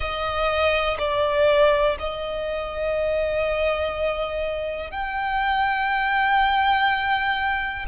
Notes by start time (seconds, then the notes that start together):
0.00 D#5
0.98 D5
1.99 D#5
4.90 G5